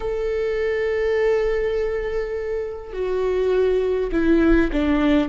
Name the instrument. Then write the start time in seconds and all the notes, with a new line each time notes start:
viola
0.00 A4
2.93 F#4
4.11 E4
4.72 D4